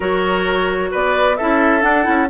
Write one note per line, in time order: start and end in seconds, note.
0.00 0.91 F#3
0.00 1.36 F#4
0.00 0.90 A#4
0.00 0.92 C#5
0.91 1.40 B3
0.91 1.36 B4
0.91 1.36 D5
1.36 1.83 C#4
1.36 1.81 E4
1.36 2.29 A4
1.36 1.82 E5
1.81 2.03 D4
1.81 2.06 D4
1.81 2.28 F#5
2.03 2.30 C#4
2.03 2.26 E4